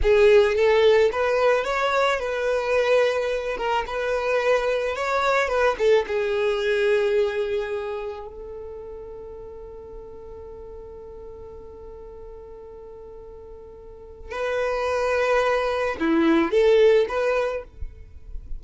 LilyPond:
\new Staff \with { instrumentName = "violin" } { \time 4/4 \tempo 4 = 109 gis'4 a'4 b'4 cis''4 | b'2~ b'8 ais'8 b'4~ | b'4 cis''4 b'8 a'8 gis'4~ | gis'2. a'4~ |
a'1~ | a'1~ | a'2 b'2~ | b'4 e'4 a'4 b'4 | }